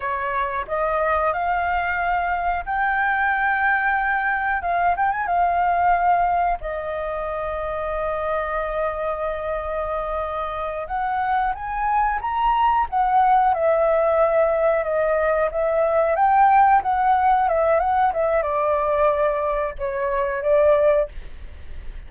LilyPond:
\new Staff \with { instrumentName = "flute" } { \time 4/4 \tempo 4 = 91 cis''4 dis''4 f''2 | g''2. f''8 g''16 gis''16 | f''2 dis''2~ | dis''1~ |
dis''8 fis''4 gis''4 ais''4 fis''8~ | fis''8 e''2 dis''4 e''8~ | e''8 g''4 fis''4 e''8 fis''8 e''8 | d''2 cis''4 d''4 | }